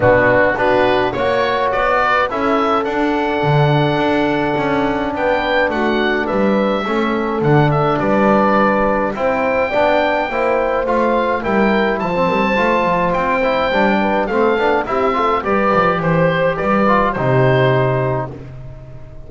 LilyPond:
<<
  \new Staff \with { instrumentName = "oboe" } { \time 4/4 \tempo 4 = 105 fis'4 b'4 cis''4 d''4 | e''4 fis''2.~ | fis''4 g''4 fis''4 e''4~ | e''4 fis''8 e''8 d''2 |
g''2. f''4 | g''4 a''2 g''4~ | g''4 f''4 e''4 d''4 | c''4 d''4 c''2 | }
  \new Staff \with { instrumentName = "horn" } { \time 4/4 d'4 fis'4 cis''4. b'8 | a'1~ | a'4 b'4 fis'4 b'4 | a'2 b'2 |
c''4 d''4 c''2 | ais'4 c''8 ais'16 c''2~ c''16~ | c''8 b'8 a'4 g'8 a'8 b'4 | c''4 b'4 g'2 | }
  \new Staff \with { instrumentName = "trombone" } { \time 4/4 b4 d'4 fis'2 | e'4 d'2.~ | d'1 | cis'4 d'2. |
e'4 d'4 e'4 f'4 | e'4~ e'16 c'8. f'4. e'8 | d'4 c'8 d'8 e'8 f'8 g'4~ | g'4. f'8 dis'2 | }
  \new Staff \with { instrumentName = "double bass" } { \time 4/4 b,4 b4 ais4 b4 | cis'4 d'4 d4 d'4 | cis'4 b4 a4 g4 | a4 d4 g2 |
c'4 b4 ais4 a4 | g4 f8 g8 a8 f8 c'4 | g4 a8 b8 c'4 g8 f8 | e4 g4 c2 | }
>>